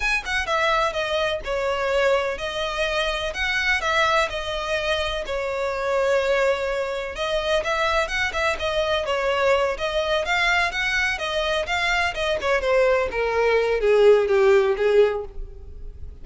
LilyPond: \new Staff \with { instrumentName = "violin" } { \time 4/4 \tempo 4 = 126 gis''8 fis''8 e''4 dis''4 cis''4~ | cis''4 dis''2 fis''4 | e''4 dis''2 cis''4~ | cis''2. dis''4 |
e''4 fis''8 e''8 dis''4 cis''4~ | cis''8 dis''4 f''4 fis''4 dis''8~ | dis''8 f''4 dis''8 cis''8 c''4 ais'8~ | ais'4 gis'4 g'4 gis'4 | }